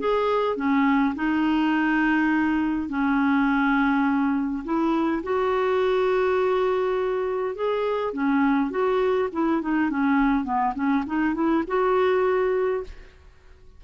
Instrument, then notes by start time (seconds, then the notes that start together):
clarinet
0.00 G#4
0.57 C#4
1.16 D#4
2.89 C#4
4.65 E4
5.24 F#4
7.56 G#4
8.14 C#4
8.71 F#4
9.33 E4
9.62 D#4
9.91 C#4
10.45 B3
10.76 C#4
11.07 D#4
11.35 E4
11.67 F#4